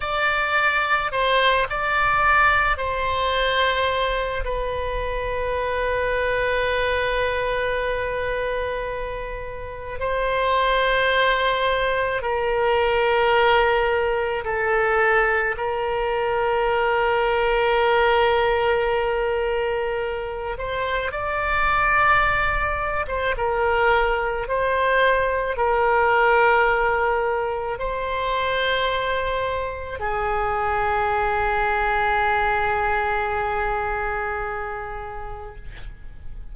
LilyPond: \new Staff \with { instrumentName = "oboe" } { \time 4/4 \tempo 4 = 54 d''4 c''8 d''4 c''4. | b'1~ | b'4 c''2 ais'4~ | ais'4 a'4 ais'2~ |
ais'2~ ais'8 c''8 d''4~ | d''8. c''16 ais'4 c''4 ais'4~ | ais'4 c''2 gis'4~ | gis'1 | }